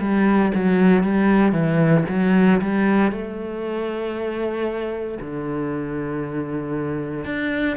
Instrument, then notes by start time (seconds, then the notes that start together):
cello
0.00 G3
0.54 F#3
1.03 G3
1.52 E3
2.09 F#3
2.61 G3
3.11 A3
5.21 D3
7.25 D4